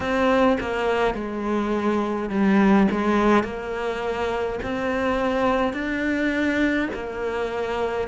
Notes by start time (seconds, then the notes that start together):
0.00 C4
0.60 A#3
1.14 G#3
2.29 G3
2.91 G#3
3.43 A#3
4.62 C4
5.73 D4
6.93 A#3